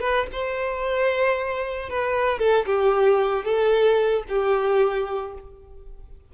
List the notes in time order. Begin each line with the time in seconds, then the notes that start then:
0.00 B4
0.32 C5
1.89 B4
2.39 A4
2.66 G4
3.44 A4
4.28 G4